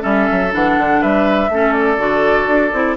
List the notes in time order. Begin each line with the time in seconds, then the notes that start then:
0.00 G3 C#4 A4 E5
0.32 F#3
0.52 E3 D4 F#5
0.78 D3
1.01 G3 B4 E5
1.49 A3 C#4 A4
1.73 D5
1.98 D3 F#4
2.48 D4
2.73 C4 E4